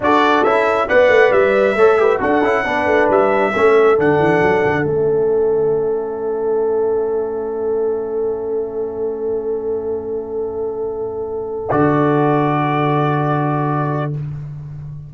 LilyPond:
<<
  \new Staff \with { instrumentName = "trumpet" } { \time 4/4 \tempo 4 = 136 d''4 e''4 fis''4 e''4~ | e''4 fis''2 e''4~ | e''4 fis''2 e''4~ | e''1~ |
e''1~ | e''1~ | e''2~ e''8 d''4.~ | d''1 | }
  \new Staff \with { instrumentName = "horn" } { \time 4/4 a'2 d''2 | cis''8 b'8 a'4 b'2 | a'1~ | a'1~ |
a'1~ | a'1~ | a'1~ | a'1 | }
  \new Staff \with { instrumentName = "trombone" } { \time 4/4 fis'4 e'4 b'2 | a'8 g'8 fis'8 e'8 d'2 | cis'4 d'2 cis'4~ | cis'1~ |
cis'1~ | cis'1~ | cis'2~ cis'8 fis'4.~ | fis'1 | }
  \new Staff \with { instrumentName = "tuba" } { \time 4/4 d'4 cis'4 b8 a8 g4 | a4 d'8 cis'8 b8 a8 g4 | a4 d8 e8 fis8 d8 a4~ | a1~ |
a1~ | a1~ | a2~ a8 d4.~ | d1 | }
>>